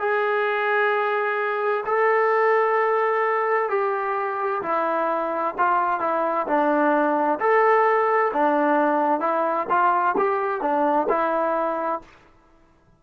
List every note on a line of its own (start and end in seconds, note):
0.00 1.85 G#4
1.86 3.70 A4
3.70 4.62 G4
4.63 5.55 E4
5.59 6.01 F4
6.01 6.47 E4
6.47 7.40 D4
7.40 8.32 A4
8.34 9.21 D4
9.21 9.67 E4
9.70 10.16 F4
10.17 10.62 G4
10.62 11.08 D4
11.09 12.02 E4